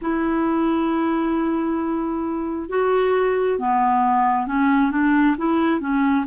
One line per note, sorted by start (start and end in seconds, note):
0.01 2.69 E4
2.69 3.58 F#4
3.58 4.47 B3
4.47 4.91 C#4
4.91 5.35 D4
5.37 5.80 E4
5.80 6.25 C#4